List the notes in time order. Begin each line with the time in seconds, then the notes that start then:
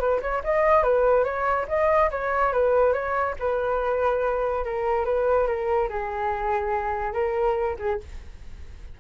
0.00 B4
0.22 C#5
0.44 D#5
0.83 B4
1.25 C#5
1.68 D#5
2.11 C#5
2.53 B4
2.93 C#5
3.39 B4
4.65 A#4
5.05 B4
5.48 A#4
5.90 G#4
7.13 A#4
7.79 G#4